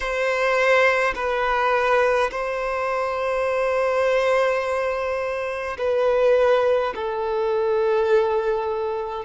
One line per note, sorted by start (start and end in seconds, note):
0.00 1.14 C5
1.15 2.30 B4
2.31 5.77 C5
5.77 6.93 B4
6.95 9.25 A4